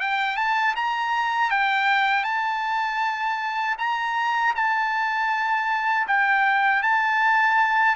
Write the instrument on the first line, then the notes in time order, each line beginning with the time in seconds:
trumpet
0.00 G5
0.36 A5
0.75 A#5
1.51 G5
2.23 A5
3.78 A#5
4.55 A5
6.07 G5
6.82 A5